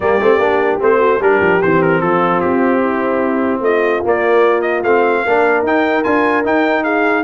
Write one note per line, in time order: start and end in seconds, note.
0.00 0.19 G3
0.00 0.20 A#3
0.00 0.98 G4
0.00 0.80 D5
0.20 0.38 A3
0.20 0.40 C4
0.38 0.78 A#3
0.38 0.79 D4
0.79 1.20 A3
0.79 1.19 C4
0.79 1.22 C5
0.98 1.18 F#4
1.20 1.40 G3
1.20 1.61 D4
1.20 2.02 G4
1.20 1.61 A#4
1.40 1.60 F3
1.61 2.02 E3
1.61 4.04 C4
1.61 1.82 C5
1.82 2.01 A#4
2.01 2.42 F3
2.01 2.80 F4
2.01 2.40 A4
2.40 3.60 C4
2.40 3.61 G4
2.80 3.60 E4
3.60 4.00 A3
3.60 5.24 F4
3.60 4.03 D#5
4.04 4.84 A#3
4.04 4.83 A#3
4.04 4.61 D5
4.61 4.81 D#5
4.83 5.23 A3
4.83 5.26 C4
4.83 5.64 F5
5.24 5.62 A#3
5.24 5.66 D4
5.24 6.83 A#4
5.62 6.03 D#4
5.62 6.04 D#4
5.62 6.03 G5
6.03 6.44 D4
6.03 6.44 F4
6.03 6.43 G#5
6.44 7.23 D#4
6.44 6.83 G5
6.83 7.23 G#4
6.83 7.23 F5